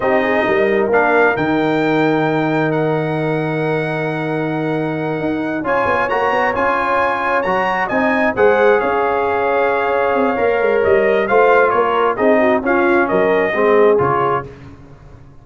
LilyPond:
<<
  \new Staff \with { instrumentName = "trumpet" } { \time 4/4 \tempo 4 = 133 dis''2 f''4 g''4~ | g''2 fis''2~ | fis''1~ | fis''8 gis''4 ais''4 gis''4.~ |
gis''8 ais''4 gis''4 fis''4 f''8~ | f''1 | dis''4 f''4 cis''4 dis''4 | f''4 dis''2 cis''4 | }
  \new Staff \with { instrumentName = "horn" } { \time 4/4 g'8 gis'8 ais'2.~ | ais'1~ | ais'1~ | ais'8 cis''2.~ cis''8~ |
cis''4. dis''4 c''4 cis''8~ | cis''1~ | cis''4 c''4 ais'4 gis'8 fis'8 | f'4 ais'4 gis'2 | }
  \new Staff \with { instrumentName = "trombone" } { \time 4/4 dis'2 d'4 dis'4~ | dis'1~ | dis'1~ | dis'8 f'4 fis'4 f'4.~ |
f'8 fis'4 dis'4 gis'4.~ | gis'2. ais'4~ | ais'4 f'2 dis'4 | cis'2 c'4 f'4 | }
  \new Staff \with { instrumentName = "tuba" } { \time 4/4 c'4 g4 ais4 dis4~ | dis1~ | dis2.~ dis8 dis'8~ | dis'8 cis'8 b8 ais8 b8 cis'4.~ |
cis'8 fis4 c'4 gis4 cis'8~ | cis'2~ cis'8 c'8 ais8 gis8 | g4 a4 ais4 c'4 | cis'4 fis4 gis4 cis4 | }
>>